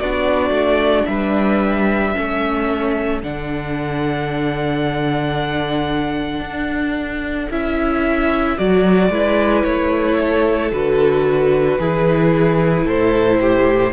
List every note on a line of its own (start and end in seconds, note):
0.00 0.50 B3
0.00 2.14 D4
0.00 1.07 F#4
0.00 1.06 D5
0.50 1.04 A3
1.06 2.15 G3
1.06 2.16 B4
1.06 3.20 E5
2.14 3.23 A3
2.14 3.21 C#4
2.14 9.11 A4
3.23 6.41 D3
3.23 7.51 D4
3.23 7.51 F#5
6.41 7.48 D4
7.50 8.57 C#4
7.50 8.58 E4
7.50 8.58 E5
8.58 9.10 F#3
8.58 9.11 F#4
8.58 9.64 D5
9.10 9.63 G#3
9.10 10.72 E4
9.10 10.18 B4
9.64 10.72 A3
9.64 10.71 C#5
10.20 11.79 A4
10.72 11.79 D3
10.72 11.79 F#4
10.72 12.87 B4
11.79 12.86 E3
11.79 13.93 E4
11.79 12.85 G#4
12.85 13.93 A2
12.85 13.39 A4
12.85 13.93 C5
13.41 13.93 G4